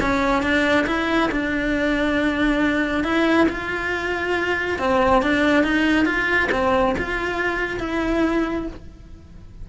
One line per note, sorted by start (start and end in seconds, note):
0.00 0.42 C#4
0.42 0.86 D4
0.86 1.30 E4
1.31 3.03 D4
3.03 3.47 E4
3.48 4.78 F4
4.78 5.22 C4
5.22 5.63 D4
5.63 6.05 D#4
6.05 6.49 F4
6.52 6.95 C4
6.98 7.79 F4
7.79 8.66 E4